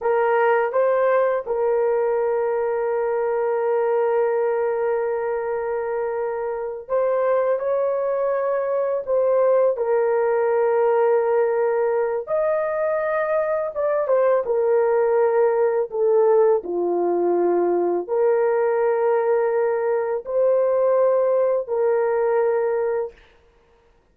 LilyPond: \new Staff \with { instrumentName = "horn" } { \time 4/4 \tempo 4 = 83 ais'4 c''4 ais'2~ | ais'1~ | ais'4. c''4 cis''4.~ | cis''8 c''4 ais'2~ ais'8~ |
ais'4 dis''2 d''8 c''8 | ais'2 a'4 f'4~ | f'4 ais'2. | c''2 ais'2 | }